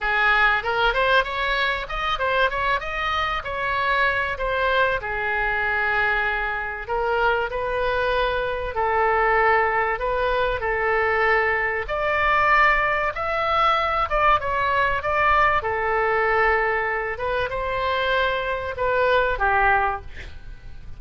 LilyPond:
\new Staff \with { instrumentName = "oboe" } { \time 4/4 \tempo 4 = 96 gis'4 ais'8 c''8 cis''4 dis''8 c''8 | cis''8 dis''4 cis''4. c''4 | gis'2. ais'4 | b'2 a'2 |
b'4 a'2 d''4~ | d''4 e''4. d''8 cis''4 | d''4 a'2~ a'8 b'8 | c''2 b'4 g'4 | }